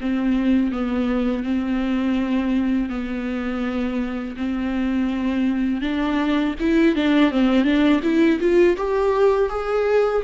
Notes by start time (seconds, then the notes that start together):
0.00 C4
0.72 B3
1.43 C4
2.89 B3
4.36 C4
5.81 D4
6.60 E4
6.95 D4
7.31 C4
7.64 D4
8.03 E4
8.40 F4
8.76 G4
9.49 G#4